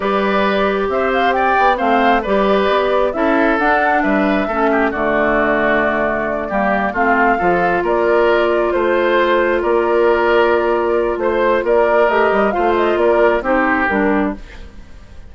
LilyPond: <<
  \new Staff \with { instrumentName = "flute" } { \time 4/4 \tempo 4 = 134 d''2 e''8 f''8 g''4 | f''4 d''2 e''4 | fis''4 e''2 d''4~ | d''2.~ d''8 f''8~ |
f''4. d''2 c''8~ | c''4. d''2~ d''8~ | d''4 c''4 d''4 dis''4 | f''8 dis''8 d''4 c''4 ais'4 | }
  \new Staff \with { instrumentName = "oboe" } { \time 4/4 b'2 c''4 d''4 | c''4 b'2 a'4~ | a'4 b'4 a'8 g'8 fis'4~ | fis'2~ fis'8 g'4 f'8~ |
f'8 a'4 ais'2 c''8~ | c''4. ais'2~ ais'8~ | ais'4 c''4 ais'2 | c''4 ais'4 g'2 | }
  \new Staff \with { instrumentName = "clarinet" } { \time 4/4 g'1 | c'4 g'2 e'4 | d'2 cis'4 a4~ | a2~ a8 ais4 c'8~ |
c'8 f'2.~ f'8~ | f'1~ | f'2. g'4 | f'2 dis'4 d'4 | }
  \new Staff \with { instrumentName = "bassoon" } { \time 4/4 g2 c'4. b8 | a4 g4 b4 cis'4 | d'4 g4 a4 d4~ | d2~ d8 g4 a8~ |
a8 f4 ais2 a8~ | a4. ais2~ ais8~ | ais4 a4 ais4 a8 g8 | a4 ais4 c'4 g4 | }
>>